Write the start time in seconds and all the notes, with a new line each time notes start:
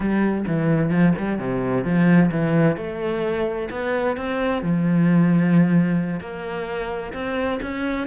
0.00 G3
0.47 E3
0.90 F3
1.18 G3
1.38 C3
1.84 F3
2.31 E3
2.76 A3
3.70 B3
4.16 C4
4.62 F3
6.20 A#3
7.13 C4
7.62 C#4